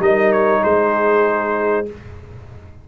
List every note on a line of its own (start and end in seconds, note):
0.00 0.62 G3
0.00 1.86 D#4
0.00 0.62 A#4
0.00 0.33 D#5
0.33 0.64 C#5
0.62 1.89 G#3
0.62 1.86 G#4
0.62 1.88 C5